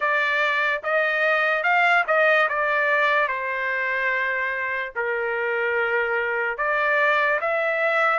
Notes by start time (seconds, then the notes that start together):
0.00 D5
0.83 D#5
1.63 F5
2.07 D#5
2.48 D5
3.28 C5
4.95 A#4
6.57 D5
7.40 E5